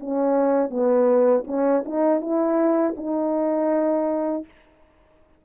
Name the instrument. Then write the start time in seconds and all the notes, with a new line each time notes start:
horn
0.00 C#4
0.70 B3
1.47 C#4
1.85 D#4
2.21 E4
2.97 D#4